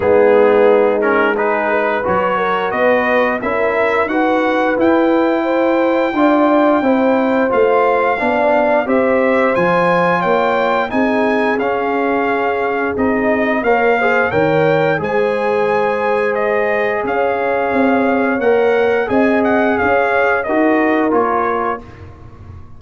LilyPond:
<<
  \new Staff \with { instrumentName = "trumpet" } { \time 4/4 \tempo 4 = 88 gis'4. ais'8 b'4 cis''4 | dis''4 e''4 fis''4 g''4~ | g''2. f''4~ | f''4 e''4 gis''4 g''4 |
gis''4 f''2 dis''4 | f''4 g''4 gis''2 | dis''4 f''2 fis''4 | gis''8 fis''8 f''4 dis''4 cis''4 | }
  \new Staff \with { instrumentName = "horn" } { \time 4/4 dis'2 gis'8 b'4 ais'8 | b'4 ais'4 b'2 | c''4 d''4 c''2 | d''4 c''2 cis''4 |
gis'1 | cis''8 c''8 cis''4 c''2~ | c''4 cis''2. | dis''4 cis''4 ais'2 | }
  \new Staff \with { instrumentName = "trombone" } { \time 4/4 b4. cis'8 dis'4 fis'4~ | fis'4 e'4 fis'4 e'4~ | e'4 f'4 e'4 f'4 | d'4 g'4 f'2 |
dis'4 cis'2 dis'4 | ais'8 gis'8 ais'4 gis'2~ | gis'2. ais'4 | gis'2 fis'4 f'4 | }
  \new Staff \with { instrumentName = "tuba" } { \time 4/4 gis2. fis4 | b4 cis'4 dis'4 e'4~ | e'4 d'4 c'4 a4 | b4 c'4 f4 ais4 |
c'4 cis'2 c'4 | ais4 dis4 gis2~ | gis4 cis'4 c'4 ais4 | c'4 cis'4 dis'4 ais4 | }
>>